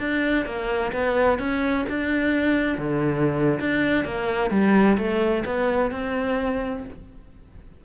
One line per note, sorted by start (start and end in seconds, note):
0.00 0.46 D4
0.46 0.92 A#3
0.93 1.39 B3
1.39 1.85 C#4
1.89 2.78 D4
2.78 3.60 D3
3.60 4.05 D4
4.05 4.51 A#3
4.51 4.97 G3
4.98 5.44 A3
5.45 5.92 B3
5.92 6.85 C4